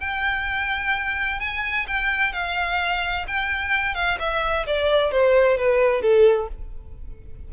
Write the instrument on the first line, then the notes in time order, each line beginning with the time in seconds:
violin
0.00 G5
1.40 G#5
1.87 G5
2.33 F5
3.27 G5
3.95 F5
4.19 E5
4.66 D5
5.11 C5
5.57 B4
6.01 A4